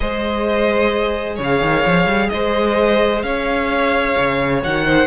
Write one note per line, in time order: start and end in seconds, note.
0.00 1.39 G#3
0.00 4.61 G#4
0.00 1.35 C5
0.00 1.37 D#5
1.35 1.61 C#3
1.35 2.28 C#5
1.43 2.29 F5
1.61 1.84 D#3
1.86 2.06 F3
2.06 2.29 G3
2.29 3.23 G#3
2.29 3.24 C5
2.29 3.21 D#5
3.22 4.15 C#4
3.22 4.85 C#5
3.22 4.60 F5
4.18 4.64 C#3
4.63 5.07 D#3
4.63 4.84 F#4
4.63 5.07 F#5
4.84 5.07 D#4
4.84 5.07 C5